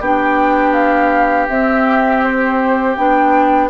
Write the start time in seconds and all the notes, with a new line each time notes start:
0.00 B3 D4 G4 G5
0.73 F5
1.48 C4 E5
2.23 C5
2.95 B3 D4 G5